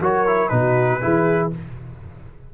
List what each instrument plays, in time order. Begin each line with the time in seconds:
0.00 tuba F#3, trombone F#4, horn A#4, trumpet C#5
0.26 trombone E4
0.48 tuba B2, trombone D#4, horn F#4, trumpet B4
1.01 tuba E3, trombone E4, horn G#4